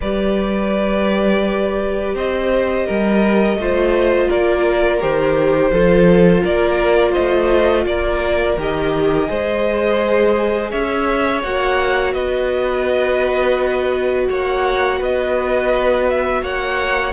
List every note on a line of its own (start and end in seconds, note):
0.01 2.15 G3
0.01 3.60 G4
0.01 2.14 B4
0.01 2.15 D5
2.14 2.86 C4
2.14 2.86 C5
2.14 4.31 D#5
2.86 3.56 G3
2.86 3.58 A#4
3.56 4.27 A3
3.56 5.00 F4
3.56 4.28 C5
4.28 5.02 A#3
4.28 5.71 A#4
4.28 5.01 D5
5.00 5.71 D#3
5.00 5.71 G4
5.00 6.44 C5
5.71 6.42 F3
5.71 8.57 F4
5.71 6.43 A4
6.43 7.15 A#3
6.43 7.11 A#4
6.43 7.13 D5
7.11 7.83 C5
7.11 7.85 D#5
7.18 7.86 A3
7.86 8.56 A#3
7.86 9.28 A#4
7.86 8.57 D5
8.56 9.28 D#3
8.56 9.27 G4
8.56 10.71 D#5
9.27 10.72 G#3
9.27 11.42 G#4
9.27 10.70 C5
10.70 11.43 C#4
10.70 12.13 C#5
10.70 11.42 E5
11.42 12.14 A#3
11.42 17.13 F#4
11.42 12.13 F#5
12.13 14.28 B3
12.13 14.27 B4
12.13 14.27 D#5
14.29 15.00 A#3
14.29 14.99 C#5
14.29 15.02 F#5
14.99 16.42 B3
14.99 16.41 B4
14.99 16.09 D#5
16.09 16.43 E5
16.42 17.13 A#3
16.42 17.13 C#5
16.42 17.13 F#5